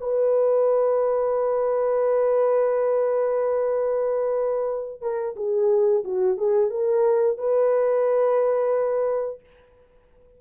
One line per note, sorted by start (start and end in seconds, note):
0.00 5.01 B4
5.01 5.35 A#4
5.36 6.03 G#4
6.04 6.37 F#4
6.37 6.70 G#4
6.70 7.37 A#4
7.38 9.40 B4